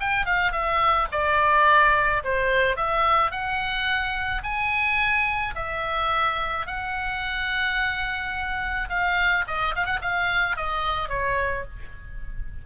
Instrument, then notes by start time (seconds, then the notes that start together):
oboe
0.00 G5
0.26 F5
0.52 E5
1.12 D5
2.24 C5
2.77 E5
3.31 F#5
4.43 G#5
5.55 E5
6.66 F#5
8.89 F5
9.47 D#5
9.76 F5
9.86 F#5
10.02 F5
10.56 D#5
11.09 C#5